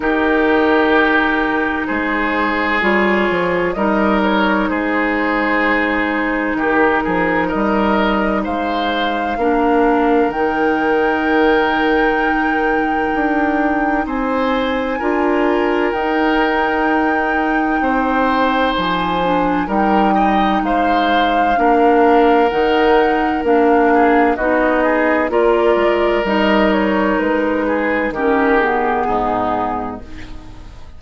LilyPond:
<<
  \new Staff \with { instrumentName = "flute" } { \time 4/4 \tempo 4 = 64 ais'2 c''4 cis''4 | dis''8 cis''8 c''2 ais'4 | dis''4 f''2 g''4~ | g''2. gis''4~ |
gis''4 g''2. | gis''4 g''4 f''2 | fis''4 f''4 dis''4 d''4 | dis''8 cis''8 b'4 ais'8 gis'4. | }
  \new Staff \with { instrumentName = "oboe" } { \time 4/4 g'2 gis'2 | ais'4 gis'2 g'8 gis'8 | ais'4 c''4 ais'2~ | ais'2. c''4 |
ais'2. c''4~ | c''4 ais'8 dis''8 c''4 ais'4~ | ais'4. gis'8 fis'8 gis'8 ais'4~ | ais'4. gis'8 g'4 dis'4 | }
  \new Staff \with { instrumentName = "clarinet" } { \time 4/4 dis'2. f'4 | dis'1~ | dis'2 d'4 dis'4~ | dis'1 |
f'4 dis'2.~ | dis'8 d'8 dis'2 d'4 | dis'4 d'4 dis'4 f'4 | dis'2 cis'8 b4. | }
  \new Staff \with { instrumentName = "bassoon" } { \time 4/4 dis2 gis4 g8 f8 | g4 gis2 dis8 f8 | g4 gis4 ais4 dis4~ | dis2 d'4 c'4 |
d'4 dis'2 c'4 | f4 g4 gis4 ais4 | dis4 ais4 b4 ais8 gis8 | g4 gis4 dis4 gis,4 | }
>>